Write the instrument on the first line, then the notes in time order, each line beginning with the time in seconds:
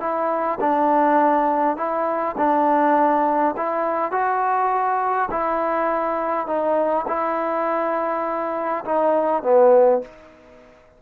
trombone
0.00 E4
0.60 D4
1.77 E4
2.38 D4
3.57 E4
4.12 F#4
5.31 E4
6.47 D#4
7.08 E4
8.85 D#4
9.43 B3